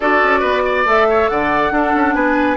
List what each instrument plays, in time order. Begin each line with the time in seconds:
0.00 bassoon D4, clarinet F#4, oboe A4, flute D5
0.23 bassoon C#4
0.40 bassoon B3, oboe B4
0.64 oboe D5
0.85 bassoon A3, clarinet A4, flute E5
1.09 oboe C#5
1.28 bassoon D3, oboe D5, flute F#5
1.71 bassoon D4, clarinet D4, oboe A4
1.94 bassoon C#4
2.14 bassoon B3, oboe B4, flute G#5